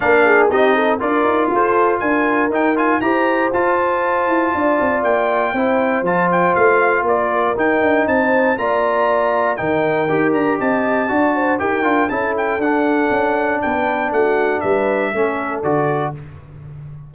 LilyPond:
<<
  \new Staff \with { instrumentName = "trumpet" } { \time 4/4 \tempo 4 = 119 f''4 dis''4 d''4 c''4 | gis''4 g''8 gis''8 ais''4 a''4~ | a''2 g''2 | a''8 g''8 f''4 d''4 g''4 |
a''4 ais''2 g''4~ | g''8 ais''8 a''2 g''4 | a''8 g''8 fis''2 g''4 | fis''4 e''2 d''4 | }
  \new Staff \with { instrumentName = "horn" } { \time 4/4 ais'8 gis'8 g'8 a'8 ais'4 a'4 | ais'2 c''2~ | c''4 d''2 c''4~ | c''2 ais'2 |
c''4 d''2 ais'4~ | ais'4 dis''4 d''8 c''8 ais'4 | a'2. b'4 | fis'4 b'4 a'2 | }
  \new Staff \with { instrumentName = "trombone" } { \time 4/4 d'4 dis'4 f'2~ | f'4 dis'8 f'8 g'4 f'4~ | f'2. e'4 | f'2. dis'4~ |
dis'4 f'2 dis'4 | g'2 fis'4 g'8 f'8 | e'4 d'2.~ | d'2 cis'4 fis'4 | }
  \new Staff \with { instrumentName = "tuba" } { \time 4/4 ais4 c'4 d'8 dis'8 f'4 | d'4 dis'4 e'4 f'4~ | f'8 e'8 d'8 c'8 ais4 c'4 | f4 a4 ais4 dis'8 d'8 |
c'4 ais2 dis4 | dis'8 d'8 c'4 d'4 dis'8 d'8 | cis'4 d'4 cis'4 b4 | a4 g4 a4 d4 | }
>>